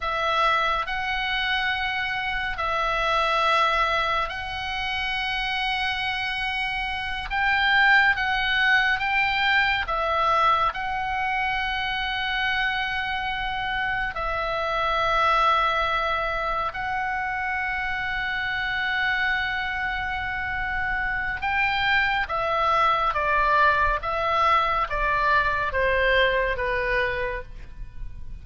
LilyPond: \new Staff \with { instrumentName = "oboe" } { \time 4/4 \tempo 4 = 70 e''4 fis''2 e''4~ | e''4 fis''2.~ | fis''8 g''4 fis''4 g''4 e''8~ | e''8 fis''2.~ fis''8~ |
fis''8 e''2. fis''8~ | fis''1~ | fis''4 g''4 e''4 d''4 | e''4 d''4 c''4 b'4 | }